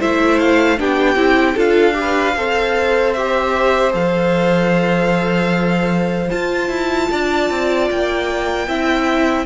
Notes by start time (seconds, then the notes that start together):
0.00 A3 E4 C5 E5
0.40 F5
0.78 B3 D4 G4 G5
1.15 C4 E4
1.55 D4 F4 A4 F5
1.94 G4
2.01 B4
2.37 C4 A4 C5
3.13 G4 E5
3.92 F3 A4 F5
6.31 F4 A5
6.69 E4
7.11 D4 D5
7.50 C4
7.91 A#3 G5
8.68 C4 E4 E5